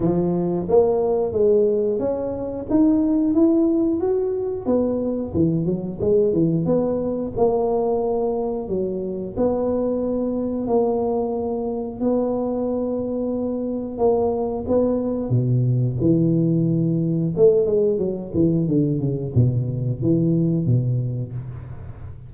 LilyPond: \new Staff \with { instrumentName = "tuba" } { \time 4/4 \tempo 4 = 90 f4 ais4 gis4 cis'4 | dis'4 e'4 fis'4 b4 | e8 fis8 gis8 e8 b4 ais4~ | ais4 fis4 b2 |
ais2 b2~ | b4 ais4 b4 b,4 | e2 a8 gis8 fis8 e8 | d8 cis8 b,4 e4 b,4 | }